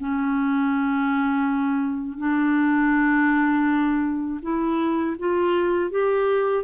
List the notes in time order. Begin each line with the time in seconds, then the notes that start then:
0.00 C#4
2.19 D4
4.42 E4
5.20 F4
5.91 G4